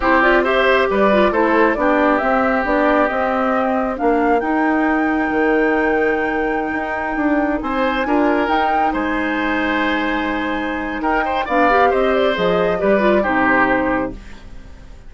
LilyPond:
<<
  \new Staff \with { instrumentName = "flute" } { \time 4/4 \tempo 4 = 136 c''8 d''8 e''4 d''4 c''4 | d''4 e''4 d''4 dis''4~ | dis''4 f''4 g''2~ | g''1~ |
g''4~ g''16 gis''2 g''8.~ | g''16 gis''2.~ gis''8.~ | gis''4 g''4 f''4 dis''8 d''8 | dis''4 d''4 c''2 | }
  \new Staff \with { instrumentName = "oboe" } { \time 4/4 g'4 c''4 b'4 a'4 | g'1~ | g'4 ais'2.~ | ais'1~ |
ais'4~ ais'16 c''4 ais'4.~ ais'16~ | ais'16 c''2.~ c''8.~ | c''4 ais'8 c''8 d''4 c''4~ | c''4 b'4 g'2 | }
  \new Staff \with { instrumentName = "clarinet" } { \time 4/4 e'8 f'8 g'4. f'8 e'4 | d'4 c'4 d'4 c'4~ | c'4 d'4 dis'2~ | dis'1~ |
dis'2~ dis'16 f'4 dis'8.~ | dis'1~ | dis'2 d'8 g'4. | gis'4 g'8 f'8 dis'2 | }
  \new Staff \with { instrumentName = "bassoon" } { \time 4/4 c'2 g4 a4 | b4 c'4 b4 c'4~ | c'4 ais4 dis'2 | dis2.~ dis16 dis'8.~ |
dis'16 d'4 c'4 d'4 dis'8.~ | dis'16 gis2.~ gis8.~ | gis4 dis'4 b4 c'4 | f4 g4 c2 | }
>>